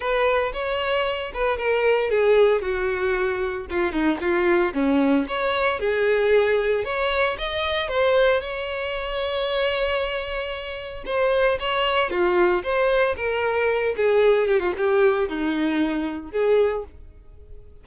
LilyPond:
\new Staff \with { instrumentName = "violin" } { \time 4/4 \tempo 4 = 114 b'4 cis''4. b'8 ais'4 | gis'4 fis'2 f'8 dis'8 | f'4 cis'4 cis''4 gis'4~ | gis'4 cis''4 dis''4 c''4 |
cis''1~ | cis''4 c''4 cis''4 f'4 | c''4 ais'4. gis'4 g'16 f'16 | g'4 dis'2 gis'4 | }